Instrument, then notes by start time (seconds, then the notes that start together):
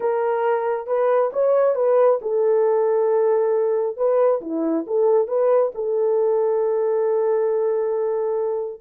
horn
0.00 A#4
0.86 B4
1.32 C#5
1.75 B4
2.21 A4
3.96 B4
4.41 E4
4.86 A4
5.27 B4
5.75 A4